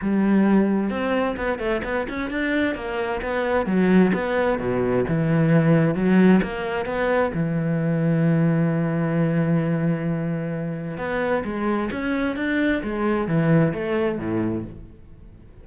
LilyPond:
\new Staff \with { instrumentName = "cello" } { \time 4/4 \tempo 4 = 131 g2 c'4 b8 a8 | b8 cis'8 d'4 ais4 b4 | fis4 b4 b,4 e4~ | e4 fis4 ais4 b4 |
e1~ | e1 | b4 gis4 cis'4 d'4 | gis4 e4 a4 a,4 | }